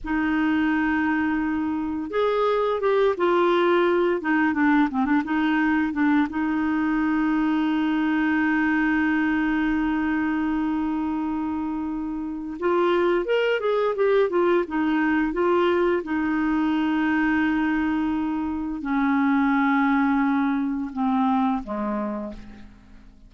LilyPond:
\new Staff \with { instrumentName = "clarinet" } { \time 4/4 \tempo 4 = 86 dis'2. gis'4 | g'8 f'4. dis'8 d'8 c'16 d'16 dis'8~ | dis'8 d'8 dis'2.~ | dis'1~ |
dis'2 f'4 ais'8 gis'8 | g'8 f'8 dis'4 f'4 dis'4~ | dis'2. cis'4~ | cis'2 c'4 gis4 | }